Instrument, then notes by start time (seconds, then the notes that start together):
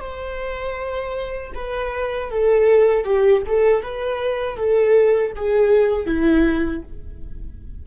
viola
0.00 C5
1.55 B4
2.31 A4
3.04 G4
3.47 A4
3.82 B4
4.57 A4
5.36 G#4
6.07 E4